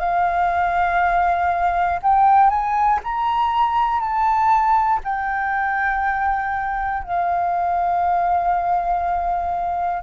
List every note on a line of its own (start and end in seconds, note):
0.00 2.00 F5
2.03 2.50 G5
2.50 3.00 G#5
3.04 4.00 A#5
4.00 5.00 A5
5.05 7.03 G5
7.03 10.03 F5